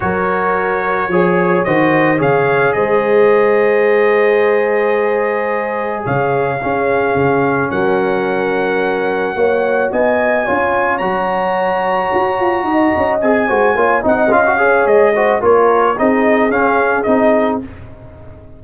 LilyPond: <<
  \new Staff \with { instrumentName = "trumpet" } { \time 4/4 \tempo 4 = 109 cis''2. dis''4 | f''4 dis''2.~ | dis''2. f''4~ | f''2 fis''2~ |
fis''2 gis''2 | ais''1 | gis''4. fis''8 f''4 dis''4 | cis''4 dis''4 f''4 dis''4 | }
  \new Staff \with { instrumentName = "horn" } { \time 4/4 ais'2 cis''4 c''4 | cis''4 c''2.~ | c''2. cis''4 | gis'2 ais'2~ |
ais'4 cis''4 dis''4 cis''4~ | cis''2. dis''4~ | dis''8 c''8 cis''8 dis''4 cis''4 c''8 | ais'4 gis'2. | }
  \new Staff \with { instrumentName = "trombone" } { \time 4/4 fis'2 gis'4 fis'4 | gis'1~ | gis'1 | cis'1~ |
cis'4 fis'2 f'4 | fis'1 | gis'8 fis'8 f'8 dis'8 f'16 fis'16 gis'4 fis'8 | f'4 dis'4 cis'4 dis'4 | }
  \new Staff \with { instrumentName = "tuba" } { \time 4/4 fis2 f4 dis4 | cis4 gis2.~ | gis2. cis4 | cis'4 cis4 fis2~ |
fis4 ais4 b4 cis'4 | fis2 fis'8 f'8 dis'8 cis'8 | c'8 gis8 ais8 c'8 cis'4 gis4 | ais4 c'4 cis'4 c'4 | }
>>